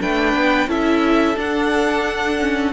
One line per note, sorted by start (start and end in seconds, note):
0.00 0.34 A3
0.00 0.68 D4
0.00 0.69 B4
0.00 0.70 G5
0.34 0.67 B3
0.67 1.35 C#4
0.67 1.36 E4
0.67 2.73 A4
0.67 1.38 E5
1.36 2.38 D4
1.36 2.73 D4
1.36 2.73 F#5
2.39 2.73 C#4